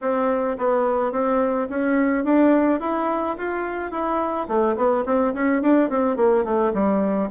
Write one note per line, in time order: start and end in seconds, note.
0.01 0.57 C4
0.58 1.12 B3
1.12 1.68 C4
1.69 2.24 C#4
2.24 2.80 D4
2.80 3.36 E4
3.37 3.91 F4
3.91 4.47 E4
4.48 4.76 A3
4.76 5.04 B3
5.05 5.33 C4
5.33 5.62 C#4
5.62 5.89 D4
5.89 6.16 C4
6.16 6.44 A#3
6.44 6.72 A3
6.73 7.29 G3